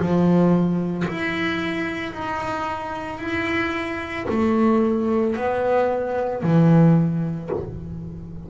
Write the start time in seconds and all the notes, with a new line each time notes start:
0.00 F3
1.09 E4
2.13 D#4
3.19 E4
4.29 A3
5.36 B3
6.43 E3